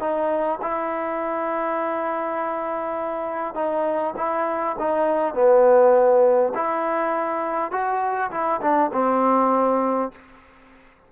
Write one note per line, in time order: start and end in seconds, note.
0.00 0.59 D#4
0.62 3.55 E4
3.55 4.14 D#4
4.17 4.76 E4
4.79 5.35 D#4
5.35 6.53 B3
6.55 7.71 E4
7.71 8.31 F#4
8.31 8.61 E4
8.62 8.91 D4
8.93 10.12 C4